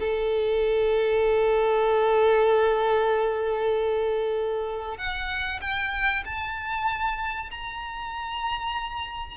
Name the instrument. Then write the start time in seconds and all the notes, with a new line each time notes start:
violin
0.00 A4
4.98 F#5
5.62 G5
6.26 A5
7.51 A#5